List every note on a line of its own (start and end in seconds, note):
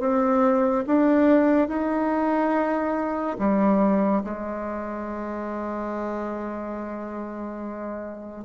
0.00 0.85 C4
0.86 1.68 D4
1.68 3.37 D#4
3.38 4.23 G3
4.24 8.45 G#3